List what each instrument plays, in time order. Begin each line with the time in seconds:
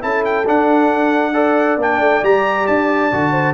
0.00 tuba C#4, trombone E4, horn A4, trumpet A5
0.24 trumpet G5
0.46 trombone D4, tuba D4, trumpet F#5
1.33 trombone A4, horn D5
1.77 tuba A#3, trombone D4, trumpet G5
1.99 tuba A3
2.22 tuba G3, trombone G4, trumpet A#5
2.67 tuba D4, trumpet A5
3.11 tuba D3, trombone F#4
3.31 horn C5